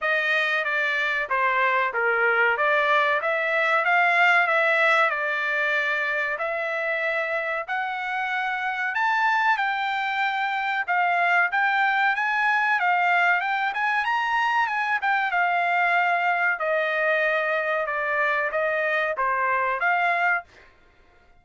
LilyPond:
\new Staff \with { instrumentName = "trumpet" } { \time 4/4 \tempo 4 = 94 dis''4 d''4 c''4 ais'4 | d''4 e''4 f''4 e''4 | d''2 e''2 | fis''2 a''4 g''4~ |
g''4 f''4 g''4 gis''4 | f''4 g''8 gis''8 ais''4 gis''8 g''8 | f''2 dis''2 | d''4 dis''4 c''4 f''4 | }